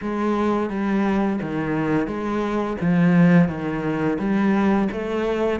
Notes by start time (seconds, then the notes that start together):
0.01 G#3
0.70 G3
1.41 D#3
2.07 G#3
2.81 F3
3.48 D#3
4.18 G3
4.92 A3